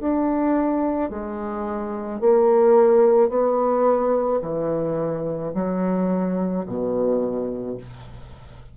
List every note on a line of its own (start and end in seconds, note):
0.00 1.10 D4
1.10 2.21 G#3
2.21 3.29 A#3
3.29 4.40 B3
4.42 5.53 E3
5.55 6.66 F#3
6.66 7.77 B2